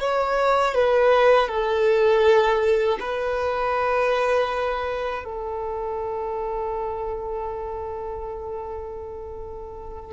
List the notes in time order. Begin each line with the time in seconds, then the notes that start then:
0.00 C#5
0.75 B4
1.49 A4
3.00 B4
5.25 A4